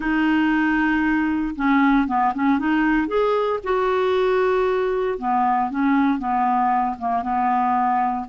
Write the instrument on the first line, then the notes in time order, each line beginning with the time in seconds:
clarinet
0.00 D#4
1.55 C#4
2.07 B3
2.34 C#4
2.58 D#4
3.07 G#4
3.63 F#4
5.18 B3
5.70 C#4
6.18 B3
6.99 A#3
7.22 B3